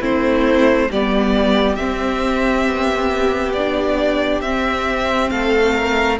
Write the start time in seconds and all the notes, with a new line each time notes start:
0.00 A3 C4 E4 C5
0.90 G3 B3 G4 D5
1.75 C4 E5
2.66 B3
3.53 D4 D5
4.41 C4 E5
5.30 A3 A4 F5
5.74 A#4